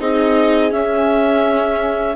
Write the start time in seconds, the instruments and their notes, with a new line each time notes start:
0.00 bassoon C4, viola D#4, horn G#4, clarinet D#5
0.70 viola C#4, bassoon C#4, clarinet E5